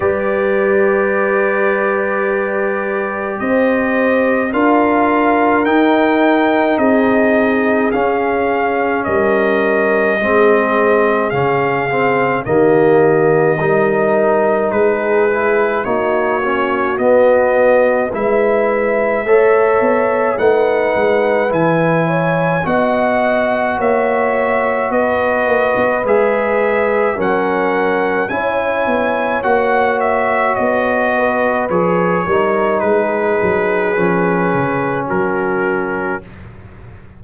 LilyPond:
<<
  \new Staff \with { instrumentName = "trumpet" } { \time 4/4 \tempo 4 = 53 d''2. dis''4 | f''4 g''4 dis''4 f''4 | dis''2 f''4 dis''4~ | dis''4 b'4 cis''4 dis''4 |
e''2 fis''4 gis''4 | fis''4 e''4 dis''4 e''4 | fis''4 gis''4 fis''8 e''8 dis''4 | cis''4 b'2 ais'4 | }
  \new Staff \with { instrumentName = "horn" } { \time 4/4 b'2. c''4 | ais'2 gis'2 | ais'4 gis'2 g'4 | ais'4 gis'4 fis'2 |
b'4 cis''4 b'4. cis''8 | dis''4 cis''4 b'2 | ais'4 cis''2~ cis''8 b'8~ | b'8 ais'8 gis'2 fis'4 | }
  \new Staff \with { instrumentName = "trombone" } { \time 4/4 g'1 | f'4 dis'2 cis'4~ | cis'4 c'4 cis'8 c'8 ais4 | dis'4. e'8 dis'8 cis'8 b4 |
e'4 a'4 dis'4 e'4 | fis'2. gis'4 | cis'4 e'4 fis'2 | gis'8 dis'4. cis'2 | }
  \new Staff \with { instrumentName = "tuba" } { \time 4/4 g2. c'4 | d'4 dis'4 c'4 cis'4 | g4 gis4 cis4 dis4 | g4 gis4 ais4 b4 |
gis4 a8 b8 a8 gis8 e4 | b4 ais4 b8 ais16 b16 gis4 | fis4 cis'8 b8 ais4 b4 | f8 g8 gis8 fis8 f8 cis8 fis4 | }
>>